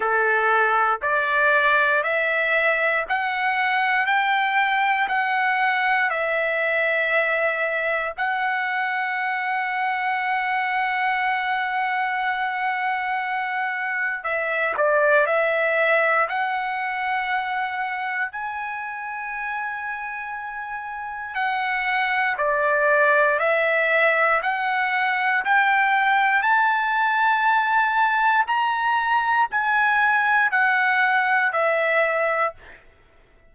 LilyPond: \new Staff \with { instrumentName = "trumpet" } { \time 4/4 \tempo 4 = 59 a'4 d''4 e''4 fis''4 | g''4 fis''4 e''2 | fis''1~ | fis''2 e''8 d''8 e''4 |
fis''2 gis''2~ | gis''4 fis''4 d''4 e''4 | fis''4 g''4 a''2 | ais''4 gis''4 fis''4 e''4 | }